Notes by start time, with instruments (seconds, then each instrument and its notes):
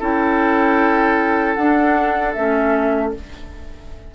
0.00 bassoon C#4, clarinet E4, oboe A4, flute G5
1.55 bassoon D4, clarinet D4, flute F#5
2.33 bassoon A3, clarinet C#4, flute E5